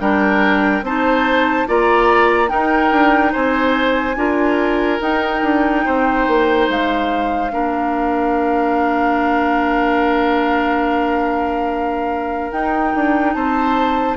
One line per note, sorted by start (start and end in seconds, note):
0.00 0.82 G3
0.00 0.83 D4
0.00 0.85 A#4
0.00 0.84 G5
0.82 1.65 C4
0.82 1.67 D#4
0.82 1.68 C5
0.82 1.68 A5
1.67 2.51 A#3
1.67 2.48 F4
1.67 2.51 D5
1.67 2.49 A#5
2.48 4.14 D#4
2.48 2.92 D#4
2.48 3.33 A#4
2.48 3.32 G5
2.92 3.34 D4
3.33 4.16 C4
3.33 4.16 C5
3.33 5.01 G#5
4.16 4.99 D4
4.16 5.00 F4
4.16 5.85 A#4
5.00 7.50 D#4
5.00 5.43 D#4
5.00 6.69 G5
5.43 5.85 D4
5.85 6.28 C4
5.85 7.52 C5
6.28 6.69 A#3
6.69 7.52 G#3
6.69 12.52 F5
7.52 12.52 A#3
7.52 12.52 D4
7.52 13.35 A#4
12.52 12.94 D#4
12.52 14.17 D#4
12.52 13.33 G5
12.95 13.35 D4
13.33 14.17 C4
13.33 14.17 C5
13.33 14.16 A5